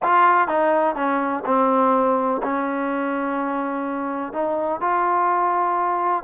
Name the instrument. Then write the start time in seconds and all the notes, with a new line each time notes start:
trombone
0.02 F4
0.48 D#4
0.95 C#4
1.45 C4
2.43 C#4
4.32 D#4
4.80 F4